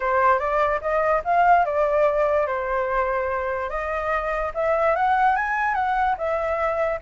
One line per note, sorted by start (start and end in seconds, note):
0.00 0.39 C5
0.39 0.80 D5
0.81 1.22 D#5
1.24 1.65 F5
1.65 2.46 D5
2.46 3.69 C5
3.69 4.51 D#5
4.54 4.95 E5
4.95 5.36 F#5
5.36 5.74 G#5
5.74 6.15 F#5
6.17 6.99 E5